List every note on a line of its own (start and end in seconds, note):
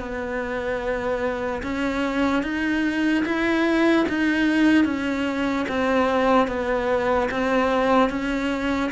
0.00 1.62 B3
1.63 2.43 C#4
2.43 3.24 D#4
3.25 4.07 E4
4.09 4.85 D#4
4.85 5.66 C#4
5.69 6.48 C4
6.48 7.29 B3
7.31 8.10 C4
8.10 8.91 C#4